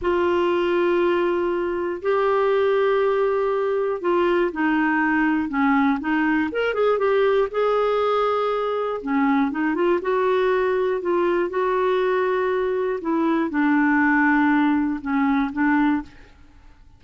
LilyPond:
\new Staff \with { instrumentName = "clarinet" } { \time 4/4 \tempo 4 = 120 f'1 | g'1 | f'4 dis'2 cis'4 | dis'4 ais'8 gis'8 g'4 gis'4~ |
gis'2 cis'4 dis'8 f'8 | fis'2 f'4 fis'4~ | fis'2 e'4 d'4~ | d'2 cis'4 d'4 | }